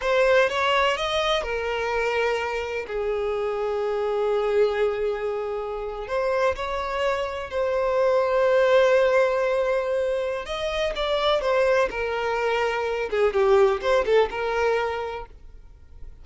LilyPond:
\new Staff \with { instrumentName = "violin" } { \time 4/4 \tempo 4 = 126 c''4 cis''4 dis''4 ais'4~ | ais'2 gis'2~ | gis'1~ | gis'8. c''4 cis''2 c''16~ |
c''1~ | c''2 dis''4 d''4 | c''4 ais'2~ ais'8 gis'8 | g'4 c''8 a'8 ais'2 | }